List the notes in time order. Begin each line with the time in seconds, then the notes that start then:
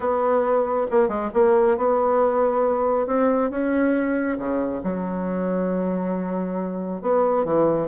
0.00 B3
0.90 A#3
1.08 G#3
1.33 A#3
1.77 B3
3.07 C4
3.50 C#4
4.38 C#3
4.83 F#3
7.01 B3
7.45 E3